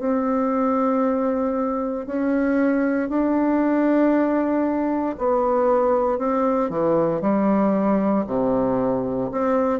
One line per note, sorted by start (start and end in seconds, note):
0.00 2.07 C4
2.07 3.09 C#4
3.09 5.16 D4
5.18 6.19 B3
6.19 6.70 C4
6.70 7.22 E3
7.22 8.25 G3
8.27 9.31 C3
9.32 9.80 C4